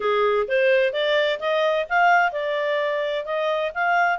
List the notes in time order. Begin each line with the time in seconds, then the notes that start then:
0.00 G#4
0.48 C5
0.92 D5
1.39 D#5
1.89 F5
2.32 D5
3.25 D#5
3.74 F5